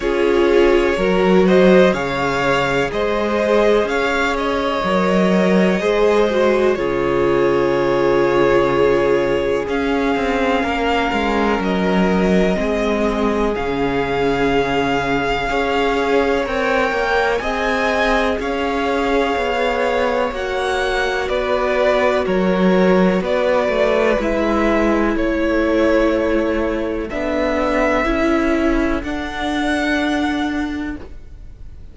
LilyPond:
<<
  \new Staff \with { instrumentName = "violin" } { \time 4/4 \tempo 4 = 62 cis''4. dis''8 f''4 dis''4 | f''8 dis''2~ dis''8 cis''4~ | cis''2 f''2 | dis''2 f''2~ |
f''4 g''4 gis''4 f''4~ | f''4 fis''4 d''4 cis''4 | d''4 e''4 cis''2 | e''2 fis''2 | }
  \new Staff \with { instrumentName = "violin" } { \time 4/4 gis'4 ais'8 c''8 cis''4 c''4 | cis''2 c''4 gis'4~ | gis'2. ais'4~ | ais'4 gis'2. |
cis''2 dis''4 cis''4~ | cis''2 b'4 ais'4 | b'2 a'2~ | a'1 | }
  \new Staff \with { instrumentName = "viola" } { \time 4/4 f'4 fis'4 gis'2~ | gis'4 ais'4 gis'8 fis'8 f'4~ | f'2 cis'2~ | cis'4 c'4 cis'2 |
gis'4 ais'4 gis'2~ | gis'4 fis'2.~ | fis'4 e'2. | d'4 e'4 d'2 | }
  \new Staff \with { instrumentName = "cello" } { \time 4/4 cis'4 fis4 cis4 gis4 | cis'4 fis4 gis4 cis4~ | cis2 cis'8 c'8 ais8 gis8 | fis4 gis4 cis2 |
cis'4 c'8 ais8 c'4 cis'4 | b4 ais4 b4 fis4 | b8 a8 gis4 a2 | b4 cis'4 d'2 | }
>>